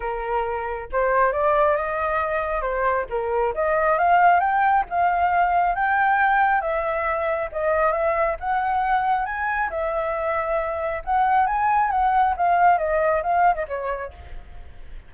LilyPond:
\new Staff \with { instrumentName = "flute" } { \time 4/4 \tempo 4 = 136 ais'2 c''4 d''4 | dis''2 c''4 ais'4 | dis''4 f''4 g''4 f''4~ | f''4 g''2 e''4~ |
e''4 dis''4 e''4 fis''4~ | fis''4 gis''4 e''2~ | e''4 fis''4 gis''4 fis''4 | f''4 dis''4 f''8. dis''16 cis''4 | }